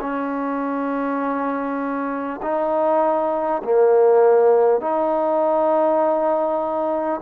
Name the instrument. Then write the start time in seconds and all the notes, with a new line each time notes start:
trombone
0.00 C#4
2.42 D#4
3.64 A#3
4.81 D#4